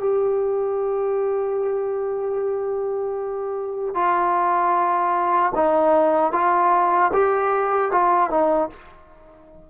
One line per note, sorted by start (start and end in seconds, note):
0.00 3.94 G4
3.94 5.52 F4
5.55 6.32 D#4
6.32 7.11 F4
7.13 7.91 G4
7.91 8.30 F4
8.30 8.69 D#4